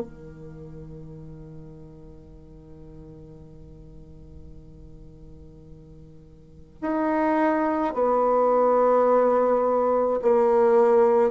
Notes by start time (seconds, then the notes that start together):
0.00 D#3
6.81 D#4
7.93 B3
10.21 A#3